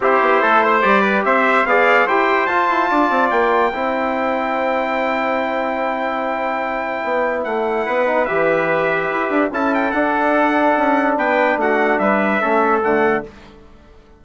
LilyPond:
<<
  \new Staff \with { instrumentName = "trumpet" } { \time 4/4 \tempo 4 = 145 c''2 d''4 e''4 | f''4 g''4 a''2 | g''1~ | g''1~ |
g''2 fis''2 | e''2. a''8 g''8 | fis''2. g''4 | fis''4 e''2 fis''4 | }
  \new Staff \with { instrumentName = "trumpet" } { \time 4/4 g'4 a'8 c''4 b'8 c''4 | d''4 c''2 d''4~ | d''4 c''2.~ | c''1~ |
c''2. b'4~ | b'2. a'4~ | a'2. b'4 | fis'4 b'4 a'2 | }
  \new Staff \with { instrumentName = "trombone" } { \time 4/4 e'2 g'2 | gis'4 g'4 f'2~ | f'4 e'2.~ | e'1~ |
e'2.~ e'8 dis'8 | g'2. e'4 | d'1~ | d'2 cis'4 a4 | }
  \new Staff \with { instrumentName = "bassoon" } { \time 4/4 c'8 b8 a4 g4 c'4 | b4 e'4 f'8 e'8 d'8 c'8 | ais4 c'2.~ | c'1~ |
c'4 b4 a4 b4 | e2 e'8 d'8 cis'4 | d'2 cis'4 b4 | a4 g4 a4 d4 | }
>>